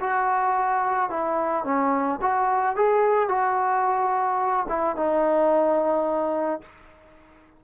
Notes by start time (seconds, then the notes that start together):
0.00 F#4
1.10 E4
1.64 C#4
2.21 F#4
2.75 G#4
3.28 F#4
4.68 E4
4.96 D#4